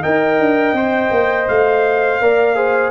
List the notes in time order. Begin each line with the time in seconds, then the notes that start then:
0.00 D#4 A#4 D#5 G5
0.39 D4
0.73 C4 C5
1.11 A#3
1.48 A3 F5
2.21 A#3 A#4 D5
2.55 G#4 C5